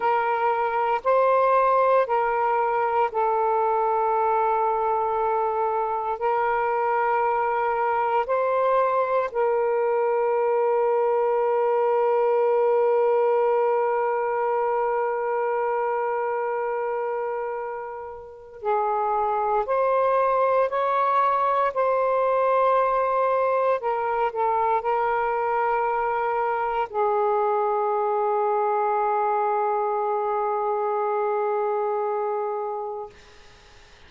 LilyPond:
\new Staff \with { instrumentName = "saxophone" } { \time 4/4 \tempo 4 = 58 ais'4 c''4 ais'4 a'4~ | a'2 ais'2 | c''4 ais'2.~ | ais'1~ |
ais'2 gis'4 c''4 | cis''4 c''2 ais'8 a'8 | ais'2 gis'2~ | gis'1 | }